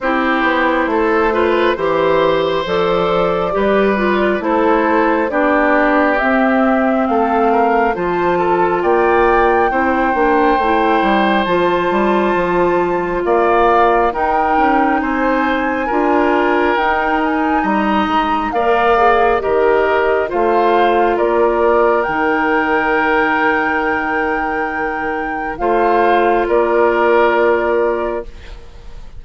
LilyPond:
<<
  \new Staff \with { instrumentName = "flute" } { \time 4/4 \tempo 4 = 68 c''2. d''4~ | d''4 c''4 d''4 e''4 | f''4 a''4 g''2~ | g''4 a''2 f''4 |
g''4 gis''2 g''8 gis''8 | ais''4 f''4 dis''4 f''4 | d''4 g''2.~ | g''4 f''4 d''2 | }
  \new Staff \with { instrumentName = "oboe" } { \time 4/4 g'4 a'8 b'8 c''2 | b'4 a'4 g'2 | a'8 ais'8 c''8 a'8 d''4 c''4~ | c''2. d''4 |
ais'4 c''4 ais'2 | dis''4 d''4 ais'4 c''4 | ais'1~ | ais'4 c''4 ais'2 | }
  \new Staff \with { instrumentName = "clarinet" } { \time 4/4 e'4. f'8 g'4 a'4 | g'8 f'8 e'4 d'4 c'4~ | c'4 f'2 e'8 d'8 | e'4 f'2. |
dis'2 f'4 dis'4~ | dis'4 ais'8 gis'8 g'4 f'4~ | f'4 dis'2.~ | dis'4 f'2. | }
  \new Staff \with { instrumentName = "bassoon" } { \time 4/4 c'8 b8 a4 e4 f4 | g4 a4 b4 c'4 | a4 f4 ais4 c'8 ais8 | a8 g8 f8 g8 f4 ais4 |
dis'8 cis'8 c'4 d'4 dis'4 | g8 gis8 ais4 dis4 a4 | ais4 dis2.~ | dis4 a4 ais2 | }
>>